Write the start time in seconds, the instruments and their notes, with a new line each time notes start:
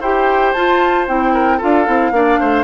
0.00 bassoon E4, clarinet G4, oboe C5, flute G5
0.53 bassoon F4, clarinet F4, flute A5
1.07 bassoon C4, clarinet E4, flute G5
1.33 oboe A#4
1.57 clarinet F4, oboe A4, flute F5
1.63 bassoon D4
1.86 bassoon C4, clarinet E4
2.11 bassoon A#3, clarinet D4, oboe D5
2.39 bassoon A3, oboe C5